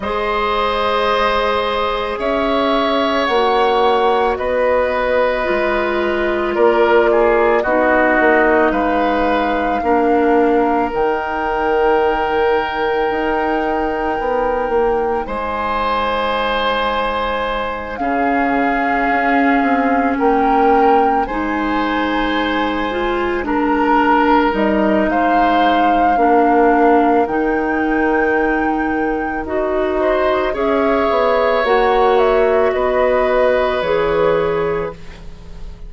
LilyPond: <<
  \new Staff \with { instrumentName = "flute" } { \time 4/4 \tempo 4 = 55 dis''2 e''4 fis''4 | dis''2 d''4 dis''4 | f''2 g''2~ | g''2 gis''2~ |
gis''8 f''2 g''4 gis''8~ | gis''4. ais''4 dis''8 f''4~ | f''4 g''2 dis''4 | e''4 fis''8 e''8 dis''4 cis''4 | }
  \new Staff \with { instrumentName = "oboe" } { \time 4/4 c''2 cis''2 | b'2 ais'8 gis'8 fis'4 | b'4 ais'2.~ | ais'2 c''2~ |
c''8 gis'2 ais'4 c''8~ | c''4. ais'4. c''4 | ais'2.~ ais'8 c''8 | cis''2 b'2 | }
  \new Staff \with { instrumentName = "clarinet" } { \time 4/4 gis'2. fis'4~ | fis'4 f'2 dis'4~ | dis'4 d'4 dis'2~ | dis'1~ |
dis'8 cis'2. dis'8~ | dis'4 f'8 d'4 dis'4. | d'4 dis'2 fis'4 | gis'4 fis'2 gis'4 | }
  \new Staff \with { instrumentName = "bassoon" } { \time 4/4 gis2 cis'4 ais4 | b4 gis4 ais4 b8 ais8 | gis4 ais4 dis2 | dis'4 b8 ais8 gis2~ |
gis8 cis4 cis'8 c'8 ais4 gis8~ | gis2~ gis8 g8 gis4 | ais4 dis2 dis'4 | cis'8 b8 ais4 b4 e4 | }
>>